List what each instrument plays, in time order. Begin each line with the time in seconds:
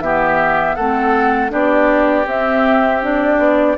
0.00 bassoon E3, clarinet B3, oboe G4, flute E5
0.75 bassoon A3, clarinet C4, oboe A4, flute F#5
1.50 bassoon B3, clarinet D4, oboe G4, flute D5
2.26 bassoon C4, clarinet C4, flute E5
3.02 clarinet D4, flute D5
3.38 bassoon B3